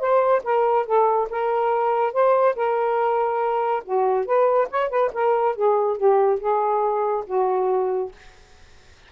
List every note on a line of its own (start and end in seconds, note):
0.00 0.43 C5
0.44 0.86 A#4
0.86 1.29 A4
1.31 2.13 A#4
2.13 2.56 C5
2.56 3.84 A#4
3.85 4.26 F#4
4.26 4.69 B4
4.71 4.90 C#5
4.90 5.12 B4
5.14 5.56 A#4
5.56 5.98 G#4
5.98 6.40 G4
6.40 7.26 G#4
7.27 8.12 F#4